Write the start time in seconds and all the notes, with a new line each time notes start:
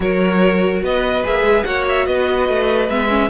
0.00 F#3 F#4 A#4 C#5
0.83 B3 B4 D#5
1.23 A#3 G#4 E5
1.42 G#3
1.64 A#3 F#4 C#5 F#5
1.88 E5
2.06 B3 B4 D#5
2.48 A3
2.89 G#3 B3 E5
3.09 C#4